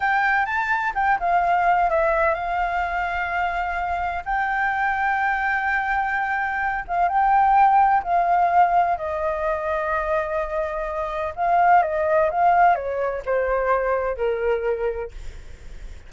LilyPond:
\new Staff \with { instrumentName = "flute" } { \time 4/4 \tempo 4 = 127 g''4 a''4 g''8 f''4. | e''4 f''2.~ | f''4 g''2.~ | g''2~ g''8 f''8 g''4~ |
g''4 f''2 dis''4~ | dis''1 | f''4 dis''4 f''4 cis''4 | c''2 ais'2 | }